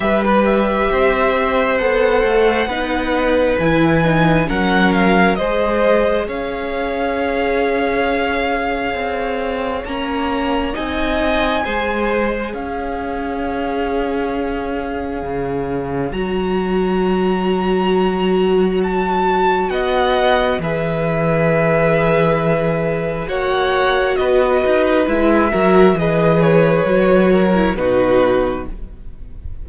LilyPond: <<
  \new Staff \with { instrumentName = "violin" } { \time 4/4 \tempo 4 = 67 e''16 b'16 e''4. fis''2 | gis''4 fis''8 f''8 dis''4 f''4~ | f''2. ais''4 | gis''2 f''2~ |
f''2 ais''2~ | ais''4 a''4 fis''4 e''4~ | e''2 fis''4 dis''4 | e''4 dis''8 cis''4. b'4 | }
  \new Staff \with { instrumentName = "violin" } { \time 4/4 b'4 c''2 b'4~ | b'4 ais'4 c''4 cis''4~ | cis''1 | dis''4 c''4 cis''2~ |
cis''1~ | cis''2 dis''4 b'4~ | b'2 cis''4 b'4~ | b'8 ais'8 b'4. ais'8 fis'4 | }
  \new Staff \with { instrumentName = "viola" } { \time 4/4 g'2 a'4 dis'4 | e'8 dis'8 cis'4 gis'2~ | gis'2. cis'4 | dis'4 gis'2.~ |
gis'2 fis'2~ | fis'2. gis'4~ | gis'2 fis'2 | e'8 fis'8 gis'4 fis'8. e'16 dis'4 | }
  \new Staff \with { instrumentName = "cello" } { \time 4/4 g4 c'4 b8 a8 b4 | e4 fis4 gis4 cis'4~ | cis'2 c'4 ais4 | c'4 gis4 cis'2~ |
cis'4 cis4 fis2~ | fis2 b4 e4~ | e2 ais4 b8 dis'8 | gis8 fis8 e4 fis4 b,4 | }
>>